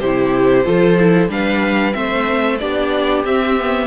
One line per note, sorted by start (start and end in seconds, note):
0.00 0.66 C3
0.00 0.64 E4
0.00 0.65 G4
0.00 1.30 C5
0.64 1.29 F3
0.64 0.97 F4
0.64 1.31 A4
0.99 1.29 E4
1.29 1.94 G3
1.29 1.93 D4
1.29 1.97 B4
1.29 1.94 F5
1.93 2.62 A3
1.93 2.58 C4
1.93 2.61 C5
1.93 2.59 E5
2.59 3.25 B3
2.59 3.26 D4
2.59 3.87 G4
2.59 3.24 D5
3.25 3.87 C4
3.25 3.59 C4
3.25 3.87 E5
3.59 3.87 B3